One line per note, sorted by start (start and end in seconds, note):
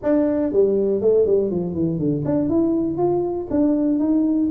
0.02 0.52 D4
0.52 1.01 G3
1.01 1.25 A3
1.25 1.50 G3
1.50 1.74 F3
1.74 1.98 E3
1.98 2.23 D3
2.25 2.48 D4
2.48 2.97 E4
2.97 3.47 F4
3.50 3.99 D4
3.99 4.49 D#4